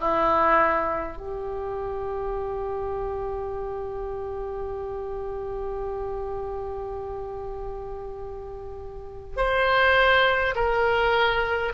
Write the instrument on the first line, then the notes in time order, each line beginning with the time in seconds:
oboe
0.00 E4
1.17 G4
9.36 C5
10.55 A#4